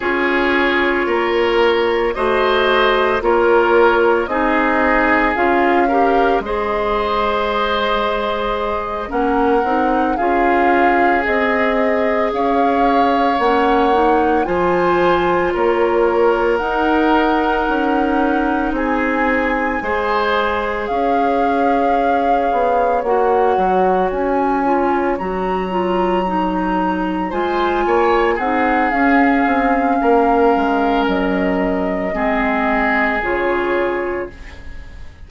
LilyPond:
<<
  \new Staff \with { instrumentName = "flute" } { \time 4/4 \tempo 4 = 56 cis''2 dis''4 cis''4 | dis''4 f''4 dis''2~ | dis''8 fis''4 f''4 dis''4 f''8~ | f''8 fis''4 gis''4 cis''4 fis''8~ |
fis''4. gis''2 f''8~ | f''4. fis''4 gis''4 ais''8~ | ais''4. gis''4 fis''8 f''4~ | f''4 dis''2 cis''4 | }
  \new Staff \with { instrumentName = "oboe" } { \time 4/4 gis'4 ais'4 c''4 ais'4 | gis'4. ais'8 c''2~ | c''8 ais'4 gis'2 cis''8~ | cis''4. c''4 ais'4.~ |
ais'4. gis'4 c''4 cis''8~ | cis''1~ | cis''4. c''8 cis''8 gis'4. | ais'2 gis'2 | }
  \new Staff \with { instrumentName = "clarinet" } { \time 4/4 f'2 fis'4 f'4 | dis'4 f'8 g'8 gis'2~ | gis'8 cis'8 dis'8 f'4 gis'4.~ | gis'8 cis'8 dis'8 f'2 dis'8~ |
dis'2~ dis'8 gis'4.~ | gis'4. fis'4. f'8 fis'8 | f'8 dis'4 f'4 dis'8 cis'4~ | cis'2 c'4 f'4 | }
  \new Staff \with { instrumentName = "bassoon" } { \time 4/4 cis'4 ais4 a4 ais4 | c'4 cis'4 gis2~ | gis8 ais8 c'8 cis'4 c'4 cis'8~ | cis'8 ais4 f4 ais4 dis'8~ |
dis'8 cis'4 c'4 gis4 cis'8~ | cis'4 b8 ais8 fis8 cis'4 fis8~ | fis4. gis8 ais8 c'8 cis'8 c'8 | ais8 gis8 fis4 gis4 cis4 | }
>>